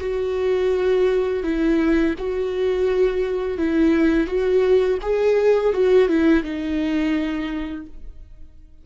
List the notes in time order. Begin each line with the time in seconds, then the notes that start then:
0.00 F#4
1.43 E4
2.18 F#4
3.57 E4
4.26 F#4
5.02 G#4
5.73 F#4
6.08 E4
6.43 D#4